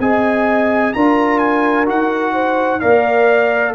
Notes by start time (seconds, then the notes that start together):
0.00 C4 G#4 D#5 G#5
0.94 D4 F4 A#4 A#5
1.38 G#5
1.86 D#4 F#4 F#5
2.33 C5
2.80 A#3 A#4 D5 F5